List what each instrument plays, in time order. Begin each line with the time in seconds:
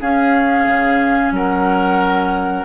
0.00 bassoon C#4, clarinet C#4, oboe G#4, flute F5
0.66 bassoon C#3
1.31 bassoon F#3, oboe A#4, flute F#5